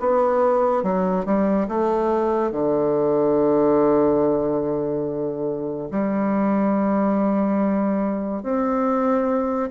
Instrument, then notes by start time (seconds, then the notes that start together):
bassoon
0.00 B3
0.83 F#3
1.25 G3
1.69 A3
2.52 D3
5.91 G3
8.43 C4